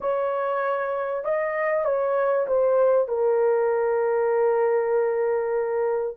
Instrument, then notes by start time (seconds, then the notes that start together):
horn
0.00 C#5
1.24 D#5
1.84 C#5
2.47 C5
3.08 A#4